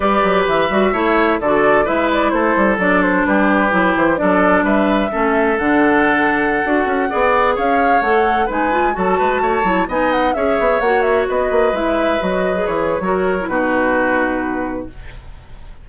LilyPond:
<<
  \new Staff \with { instrumentName = "flute" } { \time 4/4 \tempo 4 = 129 d''4 e''2 d''4 | e''8 d''8 c''4 d''8 c''8 b'4~ | b'8 c''8 d''4 e''2 | fis''1~ |
fis''16 f''4 fis''4 gis''4 a''8.~ | a''4~ a''16 gis''8 fis''8 e''4 fis''8 e''16~ | e''16 dis''4 e''4 dis''4 cis''8.~ | cis''4 b'2. | }
  \new Staff \with { instrumentName = "oboe" } { \time 4/4 b'2 cis''4 a'4 | b'4 a'2 g'4~ | g'4 a'4 b'4 a'4~ | a'2.~ a'16 d''8.~ |
d''16 cis''2 b'4 a'8 b'16~ | b'16 cis''4 dis''4 cis''4.~ cis''16~ | cis''16 b'2.~ b'8. | ais'4 fis'2. | }
  \new Staff \with { instrumentName = "clarinet" } { \time 4/4 g'4. fis'8 e'4 fis'4 | e'2 d'2 | e'4 d'2 cis'4 | d'2~ d'16 fis'4 gis'8.~ |
gis'4~ gis'16 a'4 dis'8 f'8 fis'8.~ | fis'8. e'8 dis'4 gis'4 fis'8.~ | fis'4~ fis'16 e'4 fis'8. gis'4 | fis'8. e'16 dis'2. | }
  \new Staff \with { instrumentName = "bassoon" } { \time 4/4 g8 fis8 e8 g8 a4 d4 | gis4 a8 g8 fis4 g4 | fis8 e8 fis4 g4 a4 | d2~ d16 d'8 cis'8 b8.~ |
b16 cis'4 a4 gis4 fis8 gis16~ | gis16 a8 fis8 b4 cis'8 b8 ais8.~ | ais16 b8 ais8 gis4 fis4 e8. | fis4 b,2. | }
>>